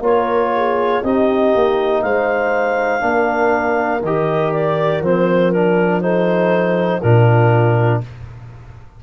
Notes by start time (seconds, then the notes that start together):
0.00 A#3 F4 A#4 C#5
0.55 G#4
1.03 C4 D#4 G4 D#5
1.55 A#3
2.02 G#3 C5 F5
3.00 A#3 D4
3.06 A#4
4.02 D#3 G4 D#5
4.52 D5
5.01 F3 C4 C5
5.52 D4 A#4
6.01 D#4 A4 C5
7.01 A#2 D4 F4 A#4